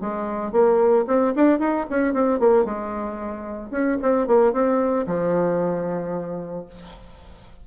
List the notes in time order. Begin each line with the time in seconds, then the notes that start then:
0.00 G#3
0.52 A#3
1.07 C4
1.35 D4
1.59 D#4
1.89 C#4
2.13 C4
2.39 A#3
2.64 G#3
3.70 C#4
4.02 C4
4.27 A#3
4.53 C4
5.06 F3